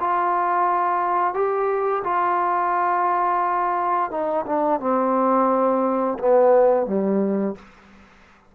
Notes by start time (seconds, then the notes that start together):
0.00 F4
1.34 G4
2.04 F4
4.11 D#4
4.46 D4
4.80 C4
6.18 B3
6.86 G3